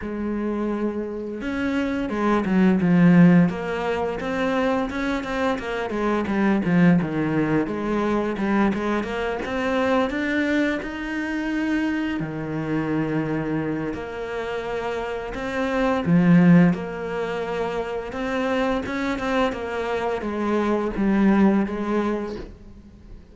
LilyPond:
\new Staff \with { instrumentName = "cello" } { \time 4/4 \tempo 4 = 86 gis2 cis'4 gis8 fis8 | f4 ais4 c'4 cis'8 c'8 | ais8 gis8 g8 f8 dis4 gis4 | g8 gis8 ais8 c'4 d'4 dis'8~ |
dis'4. dis2~ dis8 | ais2 c'4 f4 | ais2 c'4 cis'8 c'8 | ais4 gis4 g4 gis4 | }